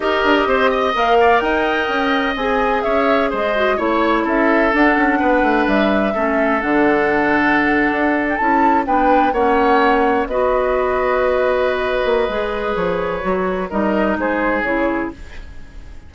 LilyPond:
<<
  \new Staff \with { instrumentName = "flute" } { \time 4/4 \tempo 4 = 127 dis''2 f''4 g''4~ | g''4 gis''4 e''4 dis''4 | cis''4 e''4 fis''2 | e''2 fis''2~ |
fis''4. g''16 a''4 g''4 fis''16~ | fis''4.~ fis''16 dis''2~ dis''16~ | dis''2. cis''4~ | cis''4 dis''4 c''4 cis''4 | }
  \new Staff \with { instrumentName = "oboe" } { \time 4/4 ais'4 c''8 dis''4 d''8 dis''4~ | dis''2 cis''4 c''4 | cis''4 a'2 b'4~ | b'4 a'2.~ |
a'2~ a'8. b'4 cis''16~ | cis''4.~ cis''16 b'2~ b'16~ | b'1~ | b'4 ais'4 gis'2 | }
  \new Staff \with { instrumentName = "clarinet" } { \time 4/4 g'2 ais'2~ | ais'4 gis'2~ gis'8 fis'8 | e'2 d'2~ | d'4 cis'4 d'2~ |
d'4.~ d'16 e'4 d'4 cis'16~ | cis'4.~ cis'16 fis'2~ fis'16~ | fis'2 gis'2 | fis'4 dis'2 e'4 | }
  \new Staff \with { instrumentName = "bassoon" } { \time 4/4 dis'8 d'8 c'4 ais4 dis'4 | cis'4 c'4 cis'4 gis4 | a4 cis'4 d'8 cis'8 b8 a8 | g4 a4 d2~ |
d8. d'4 cis'4 b4 ais16~ | ais4.~ ais16 b2~ b16~ | b4. ais8 gis4 f4 | fis4 g4 gis4 cis4 | }
>>